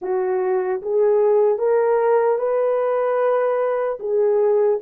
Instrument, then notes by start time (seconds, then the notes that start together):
horn
0.01 F#4
0.82 G#4
1.58 A#4
2.38 B4
3.99 G#4